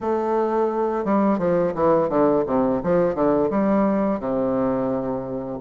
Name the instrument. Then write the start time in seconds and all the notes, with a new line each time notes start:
bassoon
0.01 A3
1.05 G3
1.38 F3
1.74 E3
2.09 D3
2.46 C3
2.83 F3
3.14 D3
3.49 G3
4.19 C3